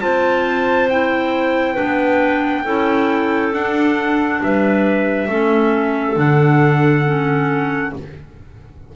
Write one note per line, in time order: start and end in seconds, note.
0.00 1.78 C4
0.00 0.88 F4
0.00 1.73 C5
0.00 0.89 A5
0.89 1.76 E4
0.89 3.54 G5
1.73 2.64 D4
1.73 2.62 B4
1.80 2.66 B3
2.65 3.53 C#4
2.65 3.52 E4
2.65 4.41 A4
3.52 5.29 D4
3.52 4.41 D4
3.52 4.42 F#5
4.43 5.28 G3
4.43 5.28 B4
4.43 6.19 E5
5.28 6.16 A3
5.28 6.16 C#4
5.28 7.93 A4
6.16 7.93 D3
6.16 7.04 D4
6.16 7.95 F#5
7.06 7.94 C#4